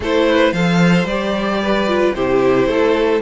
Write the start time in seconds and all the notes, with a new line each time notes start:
0.00 A3 E4 A4 C5
0.27 B4
0.52 F3 A4 C5 F5
1.04 G3 G4 D5
1.62 B4
1.87 F4
2.14 C3 E4 G4 C5
2.66 A3 A4